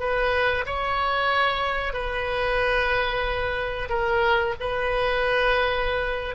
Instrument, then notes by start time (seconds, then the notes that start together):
oboe
0.00 B4
0.66 C#5
1.94 B4
3.90 A#4
4.61 B4